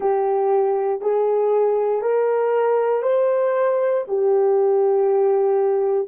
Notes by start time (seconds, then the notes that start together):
0.00 G4
1.01 G#4
2.01 A#4
3.02 C5
4.07 G4